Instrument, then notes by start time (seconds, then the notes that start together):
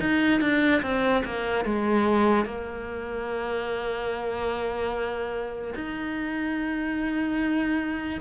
cello
0.00 D#4
0.41 D4
0.82 C4
1.25 A#3
1.65 G#3
2.45 A#3
5.75 D#4